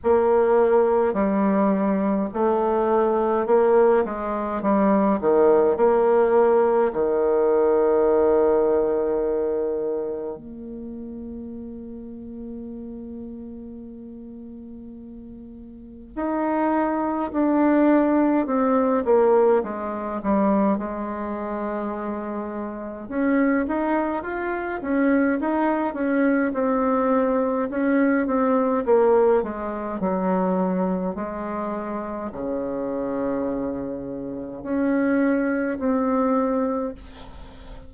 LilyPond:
\new Staff \with { instrumentName = "bassoon" } { \time 4/4 \tempo 4 = 52 ais4 g4 a4 ais8 gis8 | g8 dis8 ais4 dis2~ | dis4 ais2.~ | ais2 dis'4 d'4 |
c'8 ais8 gis8 g8 gis2 | cis'8 dis'8 f'8 cis'8 dis'8 cis'8 c'4 | cis'8 c'8 ais8 gis8 fis4 gis4 | cis2 cis'4 c'4 | }